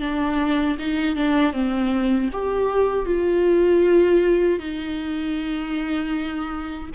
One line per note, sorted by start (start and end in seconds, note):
0.00 0.77 D4
0.79 1.16 D#4
1.16 1.52 D4
1.52 2.29 C4
2.32 3.06 G4
3.06 4.59 F4
4.59 6.90 D#4